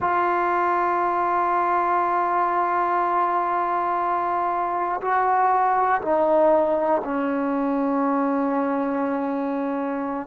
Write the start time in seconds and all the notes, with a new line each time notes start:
0.00 F4
5.00 F#4
6.01 D#4
7.04 C#4